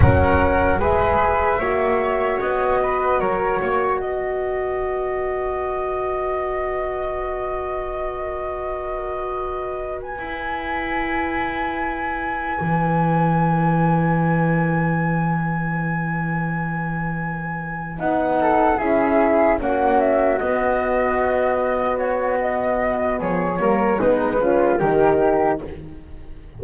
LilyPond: <<
  \new Staff \with { instrumentName = "flute" } { \time 4/4 \tempo 4 = 75 fis''4 e''2 dis''4 | cis''4 dis''2.~ | dis''1~ | dis''8 gis''2.~ gis''8~ |
gis''1~ | gis''2~ gis''8 fis''4 e''8~ | e''8 fis''8 e''8 dis''2 cis''8 | dis''4 cis''4 b'4 ais'4 | }
  \new Staff \with { instrumentName = "flute" } { \time 4/4 ais'4 b'4 cis''4. b'8 | ais'8 cis''8 b'2.~ | b'1~ | b'1~ |
b'1~ | b'2. a'8 gis'8~ | gis'8 fis'2.~ fis'8~ | fis'4 gis'8 ais'8 dis'8 f'8 g'4 | }
  \new Staff \with { instrumentName = "horn" } { \time 4/4 cis'4 gis'4 fis'2~ | fis'1~ | fis'1~ | fis'8. e'2.~ e'16~ |
e'1~ | e'2~ e'8 dis'4 e'8~ | e'8 cis'4 b2~ b8~ | b4. ais8 b8 cis'8 dis'4 | }
  \new Staff \with { instrumentName = "double bass" } { \time 4/4 fis4 gis4 ais4 b4 | fis8 ais8 b2.~ | b1~ | b8. e'2. e16~ |
e1~ | e2~ e8 b4 cis'8~ | cis'8 ais4 b2~ b8~ | b4 f8 g8 gis4 dis4 | }
>>